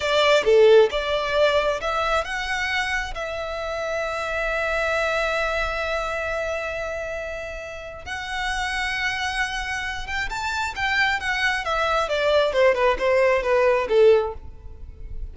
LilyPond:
\new Staff \with { instrumentName = "violin" } { \time 4/4 \tempo 4 = 134 d''4 a'4 d''2 | e''4 fis''2 e''4~ | e''1~ | e''1~ |
e''2 fis''2~ | fis''2~ fis''8 g''8 a''4 | g''4 fis''4 e''4 d''4 | c''8 b'8 c''4 b'4 a'4 | }